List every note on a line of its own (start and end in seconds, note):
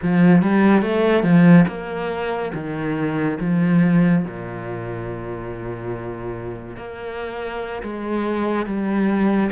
0.02 0.41 F3
0.41 0.81 G3
0.81 1.23 A3
1.23 1.65 F3
1.67 2.52 A#3
2.54 3.38 D#3
3.40 4.24 F3
4.24 6.76 A#2
6.76 7.82 A#3
7.82 8.65 G#3
8.65 9.50 G3